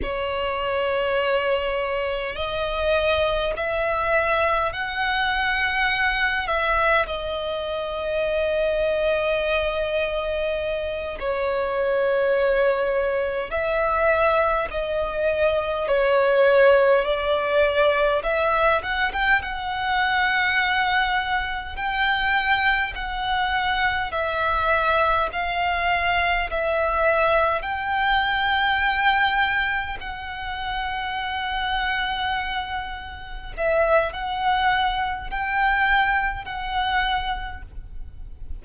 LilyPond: \new Staff \with { instrumentName = "violin" } { \time 4/4 \tempo 4 = 51 cis''2 dis''4 e''4 | fis''4. e''8 dis''2~ | dis''4. cis''2 e''8~ | e''8 dis''4 cis''4 d''4 e''8 |
fis''16 g''16 fis''2 g''4 fis''8~ | fis''8 e''4 f''4 e''4 g''8~ | g''4. fis''2~ fis''8~ | fis''8 e''8 fis''4 g''4 fis''4 | }